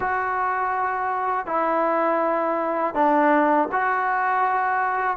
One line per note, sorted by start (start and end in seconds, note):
0.00 1.46 F#4
1.46 2.94 E4
2.94 3.68 D4
3.71 5.17 F#4